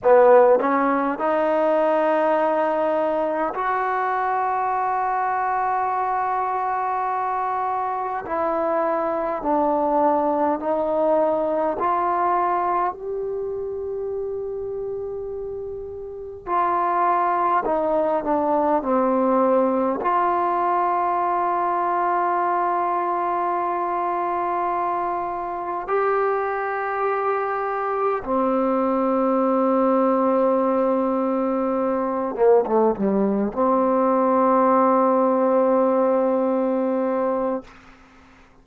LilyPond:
\new Staff \with { instrumentName = "trombone" } { \time 4/4 \tempo 4 = 51 b8 cis'8 dis'2 fis'4~ | fis'2. e'4 | d'4 dis'4 f'4 g'4~ | g'2 f'4 dis'8 d'8 |
c'4 f'2.~ | f'2 g'2 | c'2.~ c'8 ais16 a16 | g8 c'2.~ c'8 | }